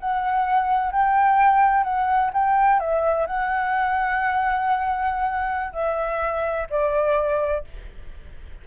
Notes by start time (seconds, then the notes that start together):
0.00 F#5
0.92 G5
1.84 F#5
2.33 G5
2.80 E5
3.26 F#5
5.73 E5
6.70 D5